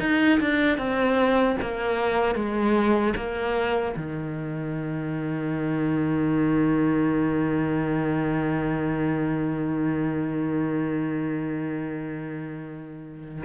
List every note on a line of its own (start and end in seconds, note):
0.00 0.39 D#4
0.41 0.78 D4
0.78 1.57 C4
1.61 2.35 A#3
2.35 3.14 G#3
3.16 3.95 A#3
3.96 13.44 D#3